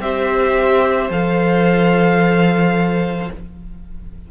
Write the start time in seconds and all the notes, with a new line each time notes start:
0.00 C4 G4 C5 E5
1.10 F3 A4 F5